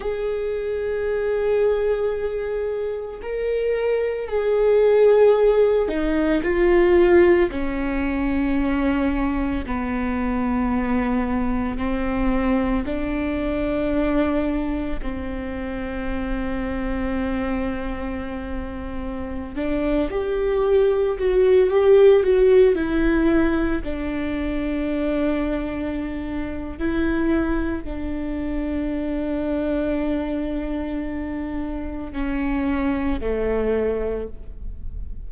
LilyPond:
\new Staff \with { instrumentName = "viola" } { \time 4/4 \tempo 4 = 56 gis'2. ais'4 | gis'4. dis'8 f'4 cis'4~ | cis'4 b2 c'4 | d'2 c'2~ |
c'2~ c'16 d'8 g'4 fis'16~ | fis'16 g'8 fis'8 e'4 d'4.~ d'16~ | d'4 e'4 d'2~ | d'2 cis'4 a4 | }